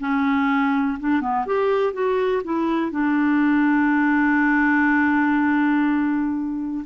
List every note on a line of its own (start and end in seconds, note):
0.00 0.98 C#4
0.99 1.21 D4
1.21 1.46 B3
1.46 1.93 G4
1.93 2.42 F#4
2.44 2.91 E4
2.91 6.85 D4